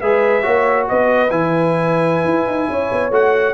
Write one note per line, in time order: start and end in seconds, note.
0.00 0.44 G#3
0.00 0.42 G#4
0.00 0.43 B4
0.00 0.86 E5
0.42 0.89 A#3
0.42 1.27 F#4
0.42 0.85 C#5
0.88 1.29 B3
0.88 2.70 B4
0.88 1.30 D#5
1.29 2.24 E3
1.29 3.11 E4
1.29 3.12 G#5
2.24 2.46 E4
2.46 2.68 D#4
2.69 2.90 C#4
2.69 3.53 C#5
2.92 3.10 B3
3.10 3.53 A3
3.10 3.53 F#4
3.10 3.53 F#5